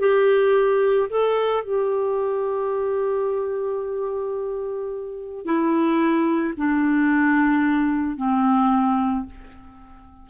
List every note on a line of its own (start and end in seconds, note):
0.00 1.09 G4
1.10 1.64 A4
1.64 5.45 G4
5.45 6.55 E4
6.57 8.17 D4
8.17 9.26 C4